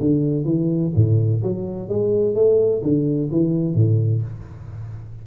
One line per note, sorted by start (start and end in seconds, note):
0.00 0.45 D3
0.45 0.92 E3
0.95 1.42 A2
1.43 1.89 F#3
1.89 2.35 G#3
2.35 2.82 A3
2.82 3.30 D3
3.31 3.75 E3
3.75 4.22 A2